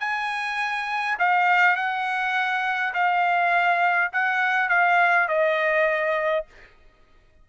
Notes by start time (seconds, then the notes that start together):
0.00 G#5
1.19 F5
1.76 F#5
2.94 F5
4.13 F#5
4.69 F5
5.28 D#5